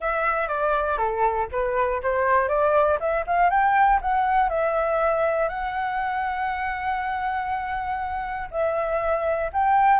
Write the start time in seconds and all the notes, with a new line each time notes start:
0.00 E5
0.48 D5
0.97 A4
1.51 B4
2.02 C5
2.48 D5
3.00 E5
3.26 F5
3.50 G5
4.01 F#5
4.49 E5
5.49 F#5
8.50 E5
9.52 G5